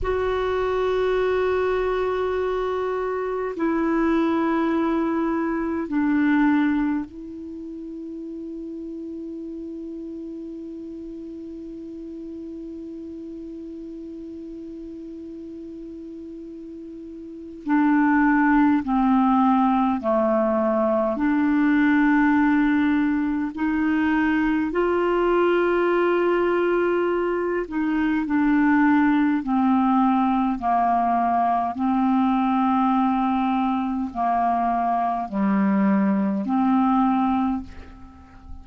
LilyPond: \new Staff \with { instrumentName = "clarinet" } { \time 4/4 \tempo 4 = 51 fis'2. e'4~ | e'4 d'4 e'2~ | e'1~ | e'2. d'4 |
c'4 a4 d'2 | dis'4 f'2~ f'8 dis'8 | d'4 c'4 ais4 c'4~ | c'4 ais4 g4 c'4 | }